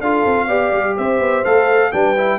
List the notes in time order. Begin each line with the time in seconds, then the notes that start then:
0.00 D4 F4 A4 F5
0.25 C4
0.47 B3 G4 D5
0.71 G3
0.95 C4 C5 E5
1.19 B3
1.44 A3 A4 F5
1.92 G3 D4 B4 G5
2.17 E4